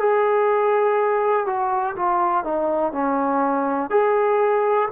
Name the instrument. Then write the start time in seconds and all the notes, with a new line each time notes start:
trombone
0.00 G#4
1.47 F#4
1.96 F4
2.45 D#4
2.93 C#4
3.91 G#4